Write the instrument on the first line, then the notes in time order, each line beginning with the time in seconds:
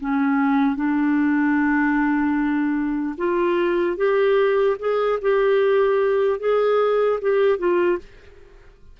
clarinet
0.00 C#4
0.76 D4
3.17 F4
3.96 G4
4.79 G#4
5.21 G4
6.39 G#4
7.21 G4
7.58 F4